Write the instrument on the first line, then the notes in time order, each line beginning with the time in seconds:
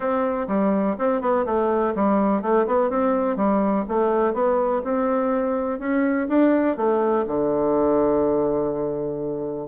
bassoon
0.00 C4
0.47 G3
0.98 C4
1.21 B3
1.45 A3
1.95 G3
2.41 A3
2.66 B3
2.90 C4
3.36 G3
3.88 A3
4.33 B3
4.84 C4
5.79 C#4
6.28 D4
6.76 A3
7.27 D3